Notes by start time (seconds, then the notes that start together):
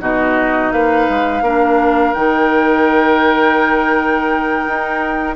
0.00 B2 D#4 F#4 D#5
0.71 A#3 B4 F5
1.09 G#3
1.41 A#3 D4 A#4
2.13 D#3 D#4 G5
4.67 D#4